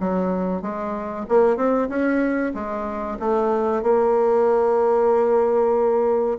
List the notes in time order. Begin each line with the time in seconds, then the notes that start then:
0.00 F#3
0.62 G#3
1.29 A#3
1.57 C4
1.89 C#4
2.54 G#3
3.19 A3
3.83 A#3